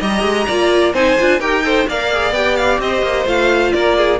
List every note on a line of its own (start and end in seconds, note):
0.00 0.23 G3
0.00 0.48 G4
0.00 0.47 D#5
0.00 0.94 A#5
0.23 0.46 G#3
0.47 0.94 A#3
0.47 0.94 F4
0.47 0.93 D5
0.93 1.17 C4
0.93 1.17 D#4
0.93 1.40 C5
0.93 1.41 G#5
1.19 1.40 D4
1.19 1.41 F4
1.40 1.87 D#4
1.40 1.64 G4
1.40 1.63 A#4
1.40 1.87 G5
1.64 1.87 A4
1.64 1.89 C5
1.88 2.32 A#3
1.88 2.12 A#4
1.88 2.82 D5
1.88 2.34 F5
2.12 2.35 G#4
2.32 2.78 B3
2.32 3.26 G4
2.32 2.57 G5
2.57 2.80 F5
2.79 3.02 C4
2.79 3.74 C5
2.79 3.28 D#5
3.02 3.26 A#3
3.26 3.73 A3
3.26 4.19 F4
3.26 3.73 F5
3.73 4.20 A#3
3.73 3.97 A#4
3.73 4.19 D5
3.97 4.20 G#4